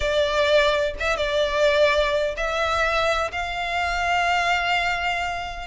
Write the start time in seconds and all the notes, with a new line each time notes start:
0.00 D5
0.99 E5
1.17 D5
2.36 E5
3.32 F5